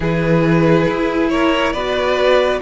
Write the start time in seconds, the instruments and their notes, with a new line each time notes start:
0.00 cello E3, viola E4, violin G#4 B4
0.88 cello E4
1.29 violin A#4 C#5
1.72 cello B3, viola F#4, violin B4 D5